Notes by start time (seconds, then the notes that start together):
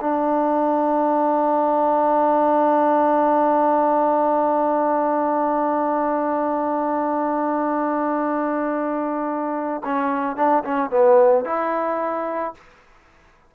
0.00 D4
9.84 C#4
10.36 D4
10.64 C#4
10.90 B3
11.45 E4